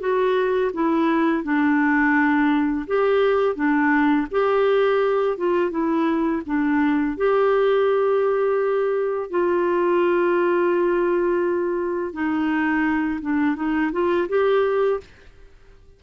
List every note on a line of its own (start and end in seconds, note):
0.00 0.71 F#4
0.74 1.44 E4
1.44 2.87 D4
2.87 3.56 G4
3.56 4.27 D4
4.31 5.38 G4
5.38 5.71 F4
5.71 6.42 E4
6.46 7.17 D4
7.17 9.30 G4
9.30 12.13 F4
12.13 13.20 D#4
13.22 13.56 D4
13.56 13.92 D#4
13.92 14.28 F4
14.29 15.00 G4